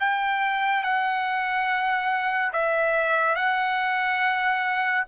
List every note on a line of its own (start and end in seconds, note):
0.00 0.83 G5
0.83 2.52 F#5
2.53 3.36 E5
3.36 5.05 F#5